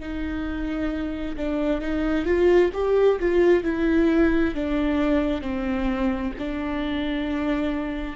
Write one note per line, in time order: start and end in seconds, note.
0.00 1.36 D#4
1.37 1.81 D4
1.81 2.26 D#4
2.26 2.71 F4
2.74 3.19 G4
3.19 3.64 F4
3.64 4.55 E4
4.55 5.42 D4
5.42 6.33 C4
6.38 8.17 D4